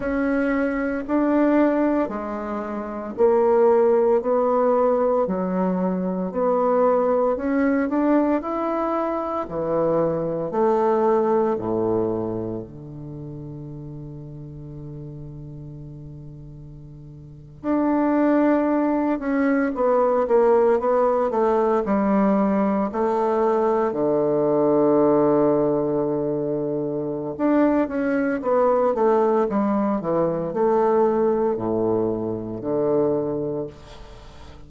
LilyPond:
\new Staff \with { instrumentName = "bassoon" } { \time 4/4 \tempo 4 = 57 cis'4 d'4 gis4 ais4 | b4 fis4 b4 cis'8 d'8 | e'4 e4 a4 a,4 | d1~ |
d8. d'4. cis'8 b8 ais8 b16~ | b16 a8 g4 a4 d4~ d16~ | d2 d'8 cis'8 b8 a8 | g8 e8 a4 a,4 d4 | }